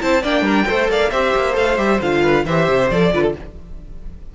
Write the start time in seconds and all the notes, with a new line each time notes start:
0.00 C4 E4 C5 A5
0.22 A#3 D4 D5 G5
0.42 G3 A#4
0.67 A3 A4 C5
0.88 A#3 D5 F5
1.10 C4 G4 C5 E5
1.35 A#3
1.53 A3 A4 F5
1.77 G3 G4 E5
2.01 D3 F4 F5
2.22 B4
2.45 E3 G4 C5 E5
2.67 C3
2.90 F3 A4 D5
3.13 D3 F4 B4
3.22 A4